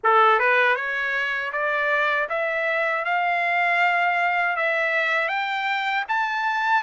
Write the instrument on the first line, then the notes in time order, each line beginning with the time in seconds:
trumpet
0.03 A4
0.39 B4
0.75 C#5
1.52 D5
2.29 E5
3.04 F5
4.56 E5
5.28 G5
6.08 A5